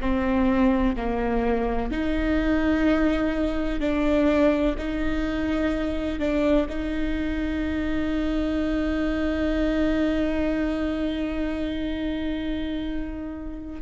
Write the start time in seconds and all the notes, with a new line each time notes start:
0.00 C4
0.96 A#3
1.91 D#4
3.80 D4
4.78 D#4
6.19 D4
6.69 D#4